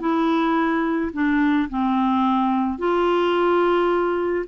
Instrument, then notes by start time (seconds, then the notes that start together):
clarinet
0.00 E4
1.13 D4
1.69 C4
2.79 F4